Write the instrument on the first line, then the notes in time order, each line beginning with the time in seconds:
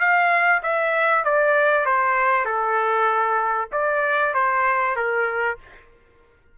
trumpet
0.00 F5
0.63 E5
1.25 D5
1.86 C5
2.45 A4
3.72 D5
4.34 C5
4.96 A#4